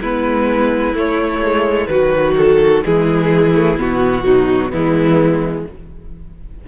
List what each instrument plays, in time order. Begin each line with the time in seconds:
0.00 cello G#3, viola B3, violin E4 B4
0.93 cello A3, viola A3, violin C#5
1.42 viola G#3
1.87 cello D#3, viola F#3, violin F#4 B4
2.37 violin A4
2.84 cello E3, viola G#3, violin E4 G#4
3.53 viola A3
3.77 cello B2, viola B3, violin F#4
4.24 viola F#3, violin D#4
4.69 cello E3, viola G#3, violin B3 E4